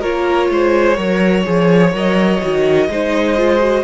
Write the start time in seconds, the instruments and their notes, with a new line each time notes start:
0.00 cello A#3, viola F4, violin A#4 C#5
0.50 cello G#3, violin C5
0.96 cello F#3, viola A#4, violin C#5
1.43 cello F3, viola G#4
1.92 cello F#3, viola A#4, violin D#5
2.41 cello D#3, viola F#4
2.89 cello G#3, viola D#4, violin C5
3.37 viola F4
3.59 viola F#4